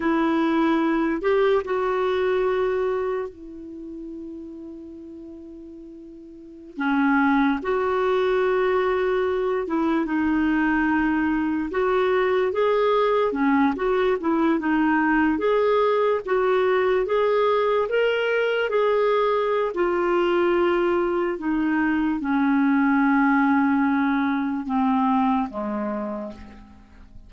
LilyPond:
\new Staff \with { instrumentName = "clarinet" } { \time 4/4 \tempo 4 = 73 e'4. g'8 fis'2 | e'1~ | e'16 cis'4 fis'2~ fis'8 e'16~ | e'16 dis'2 fis'4 gis'8.~ |
gis'16 cis'8 fis'8 e'8 dis'4 gis'4 fis'16~ | fis'8. gis'4 ais'4 gis'4~ gis'16 | f'2 dis'4 cis'4~ | cis'2 c'4 gis4 | }